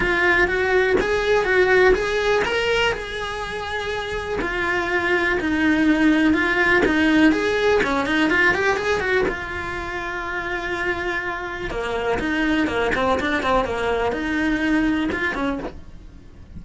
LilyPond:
\new Staff \with { instrumentName = "cello" } { \time 4/4 \tempo 4 = 123 f'4 fis'4 gis'4 fis'4 | gis'4 ais'4 gis'2~ | gis'4 f'2 dis'4~ | dis'4 f'4 dis'4 gis'4 |
cis'8 dis'8 f'8 g'8 gis'8 fis'8 f'4~ | f'1 | ais4 dis'4 ais8 c'8 d'8 c'8 | ais4 dis'2 f'8 cis'8 | }